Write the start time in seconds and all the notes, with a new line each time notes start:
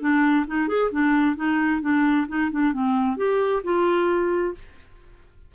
0.00 D4
0.47 D#4
0.68 G#4
0.91 D4
1.36 D#4
1.81 D4
2.28 D#4
2.51 D4
2.73 C4
3.17 G4
3.63 F4